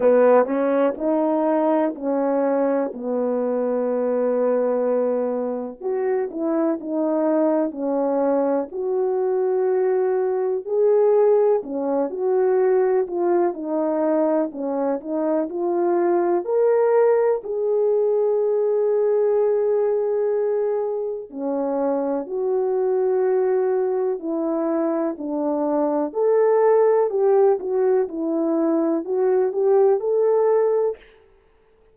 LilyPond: \new Staff \with { instrumentName = "horn" } { \time 4/4 \tempo 4 = 62 b8 cis'8 dis'4 cis'4 b4~ | b2 fis'8 e'8 dis'4 | cis'4 fis'2 gis'4 | cis'8 fis'4 f'8 dis'4 cis'8 dis'8 |
f'4 ais'4 gis'2~ | gis'2 cis'4 fis'4~ | fis'4 e'4 d'4 a'4 | g'8 fis'8 e'4 fis'8 g'8 a'4 | }